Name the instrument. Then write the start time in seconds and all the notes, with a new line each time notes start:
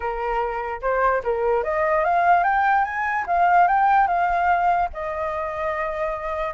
flute
0.00 A#4
0.81 C5
1.23 A#4
1.63 D#5
2.04 F5
2.43 G5
2.84 G#5
3.26 F5
3.67 G5
4.07 F5
4.93 D#5